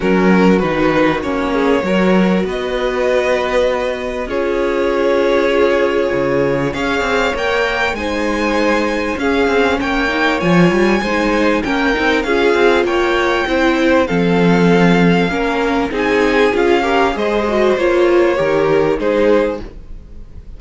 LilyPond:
<<
  \new Staff \with { instrumentName = "violin" } { \time 4/4 \tempo 4 = 98 ais'4 b'4 cis''2 | dis''2. cis''4~ | cis''2. f''4 | g''4 gis''2 f''4 |
g''4 gis''2 g''4 | f''4 g''2 f''4~ | f''2 gis''4 f''4 | dis''4 cis''2 c''4 | }
  \new Staff \with { instrumentName = "violin" } { \time 4/4 fis'2~ fis'8 gis'8 ais'4 | b'2. gis'4~ | gis'2. cis''4~ | cis''4 c''2 gis'4 |
cis''2 c''4 ais'4 | gis'4 cis''4 c''4 a'4~ | a'4 ais'4 gis'4. ais'8 | c''2 ais'4 gis'4 | }
  \new Staff \with { instrumentName = "viola" } { \time 4/4 cis'4 dis'4 cis'4 fis'4~ | fis'2. f'4~ | f'2. gis'4 | ais'4 dis'2 cis'4~ |
cis'8 dis'8 f'4 dis'4 cis'8 dis'8 | f'2 e'4 c'4~ | c'4 cis'4 dis'4 f'8 g'8 | gis'8 fis'8 f'4 g'4 dis'4 | }
  \new Staff \with { instrumentName = "cello" } { \time 4/4 fis4 dis4 ais4 fis4 | b2. cis'4~ | cis'2 cis4 cis'8 c'8 | ais4 gis2 cis'8 c'8 |
ais4 f8 g8 gis4 ais8 c'8 | cis'8 c'8 ais4 c'4 f4~ | f4 ais4 c'4 cis'4 | gis4 ais4 dis4 gis4 | }
>>